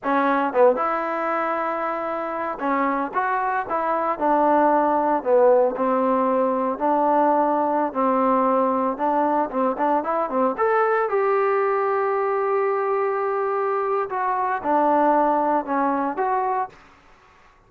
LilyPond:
\new Staff \with { instrumentName = "trombone" } { \time 4/4 \tempo 4 = 115 cis'4 b8 e'2~ e'8~ | e'4 cis'4 fis'4 e'4 | d'2 b4 c'4~ | c'4 d'2~ d'16 c'8.~ |
c'4~ c'16 d'4 c'8 d'8 e'8 c'16~ | c'16 a'4 g'2~ g'8.~ | g'2. fis'4 | d'2 cis'4 fis'4 | }